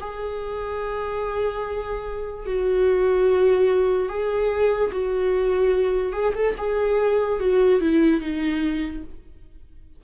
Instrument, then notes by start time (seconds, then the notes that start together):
viola
0.00 G#4
2.46 F#4
4.09 G#4
4.92 F#4
6.13 G#4
6.34 A4
6.58 G#4
7.40 F#4
7.80 E4
8.20 D#4